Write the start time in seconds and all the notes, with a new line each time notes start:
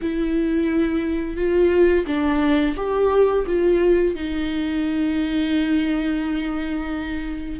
0.01 E4
1.36 F4
2.06 D4
2.76 G4
3.46 F4
4.15 D#4